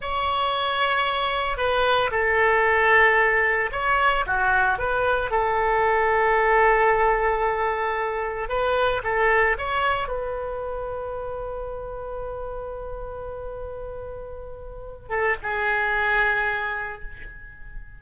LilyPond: \new Staff \with { instrumentName = "oboe" } { \time 4/4 \tempo 4 = 113 cis''2. b'4 | a'2. cis''4 | fis'4 b'4 a'2~ | a'1 |
b'4 a'4 cis''4 b'4~ | b'1~ | b'1~ | b'8 a'8 gis'2. | }